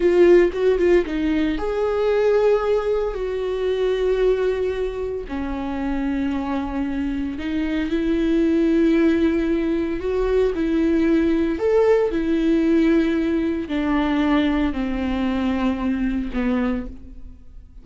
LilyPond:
\new Staff \with { instrumentName = "viola" } { \time 4/4 \tempo 4 = 114 f'4 fis'8 f'8 dis'4 gis'4~ | gis'2 fis'2~ | fis'2 cis'2~ | cis'2 dis'4 e'4~ |
e'2. fis'4 | e'2 a'4 e'4~ | e'2 d'2 | c'2. b4 | }